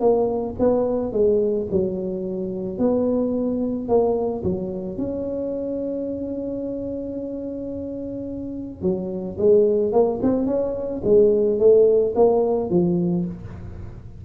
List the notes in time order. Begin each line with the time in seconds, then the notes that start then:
0.00 A#3
0.59 B3
1.13 G#3
1.71 F#3
2.78 B3
3.88 A#3
4.43 F#3
4.98 C#4
8.82 F#3
9.38 G#3
9.92 A#3
10.22 C4
10.47 C#4
11.04 G#3
11.59 A3
12.15 A#3
12.70 F3